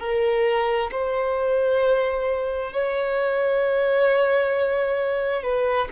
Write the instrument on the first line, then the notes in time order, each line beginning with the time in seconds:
violin
0.00 A#4
0.91 C5
2.73 C#5
5.43 B4